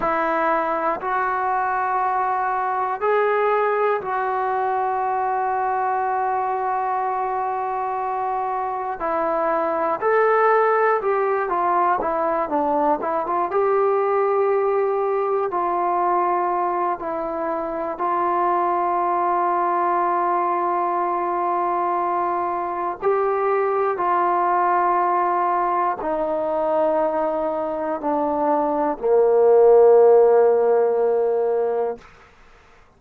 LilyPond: \new Staff \with { instrumentName = "trombone" } { \time 4/4 \tempo 4 = 60 e'4 fis'2 gis'4 | fis'1~ | fis'4 e'4 a'4 g'8 f'8 | e'8 d'8 e'16 f'16 g'2 f'8~ |
f'4 e'4 f'2~ | f'2. g'4 | f'2 dis'2 | d'4 ais2. | }